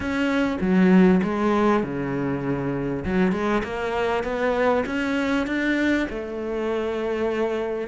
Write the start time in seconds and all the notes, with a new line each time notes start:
0.00 C#4
0.60 F#3
1.23 G#3
1.83 C#3
3.04 F#3
3.32 G#3
3.63 A#3
4.23 B3
4.86 C#4
5.46 D4
6.09 A3